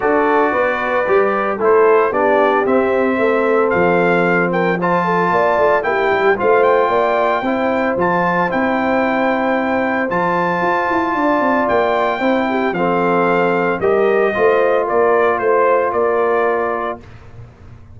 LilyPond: <<
  \new Staff \with { instrumentName = "trumpet" } { \time 4/4 \tempo 4 = 113 d''2. c''4 | d''4 e''2 f''4~ | f''8 g''8 a''2 g''4 | f''8 g''2~ g''8 a''4 |
g''2. a''4~ | a''2 g''2 | f''2 dis''2 | d''4 c''4 d''2 | }
  \new Staff \with { instrumentName = "horn" } { \time 4/4 a'4 b'2 a'4 | g'2 a'2~ | a'8 ais'8 c''8 a'8 d''4 g'4 | c''4 d''4 c''2~ |
c''1~ | c''4 d''2 c''8 g'8 | a'2 ais'4 c''4 | ais'4 c''4 ais'2 | }
  \new Staff \with { instrumentName = "trombone" } { \time 4/4 fis'2 g'4 e'4 | d'4 c'2.~ | c'4 f'2 e'4 | f'2 e'4 f'4 |
e'2. f'4~ | f'2. e'4 | c'2 g'4 f'4~ | f'1 | }
  \new Staff \with { instrumentName = "tuba" } { \time 4/4 d'4 b4 g4 a4 | b4 c'4 a4 f4~ | f2 ais8 a8 ais8 g8 | a4 ais4 c'4 f4 |
c'2. f4 | f'8 e'8 d'8 c'8 ais4 c'4 | f2 g4 a4 | ais4 a4 ais2 | }
>>